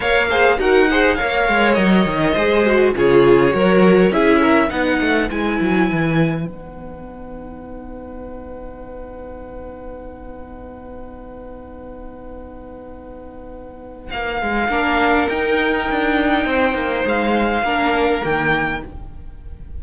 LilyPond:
<<
  \new Staff \with { instrumentName = "violin" } { \time 4/4 \tempo 4 = 102 f''4 fis''4 f''4 dis''4~ | dis''4 cis''2 e''4 | fis''4 gis''2 fis''4~ | fis''1~ |
fis''1~ | fis''1 | f''2 g''2~ | g''4 f''2 g''4 | }
  \new Staff \with { instrumentName = "violin" } { \time 4/4 cis''8 c''8 ais'8 c''8 cis''2 | c''4 gis'4 ais'4 gis'8 ais'8 | b'1~ | b'1~ |
b'1~ | b'1~ | b'4 ais'2. | c''2 ais'2 | }
  \new Staff \with { instrumentName = "viola" } { \time 4/4 ais'8 gis'8 fis'8 gis'8 ais'2 | gis'8 fis'8 f'4 fis'4 e'4 | dis'4 e'2 dis'4~ | dis'1~ |
dis'1~ | dis'1~ | dis'4 d'4 dis'2~ | dis'2 d'4 ais4 | }
  \new Staff \with { instrumentName = "cello" } { \time 4/4 ais4 dis'4 ais8 gis8 fis8 dis8 | gis4 cis4 fis4 cis'4 | b8 a8 gis8 fis8 e4 b4~ | b1~ |
b1~ | b1 | ais8 gis8 ais4 dis'4 d'4 | c'8 ais8 gis4 ais4 dis4 | }
>>